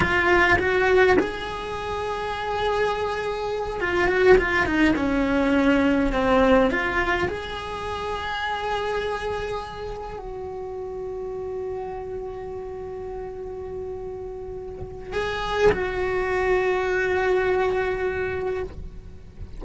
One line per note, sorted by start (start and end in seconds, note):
0.00 0.58 F4
0.58 1.17 F#4
1.19 3.80 G#4
3.80 4.07 F4
4.07 4.36 F#4
4.37 4.65 F4
4.65 4.94 D#4
4.96 6.12 C#4
6.12 6.70 C4
6.70 7.28 F4
7.28 10.18 G#4
10.18 15.12 F#4
15.12 15.71 G#4
15.71 18.62 F#4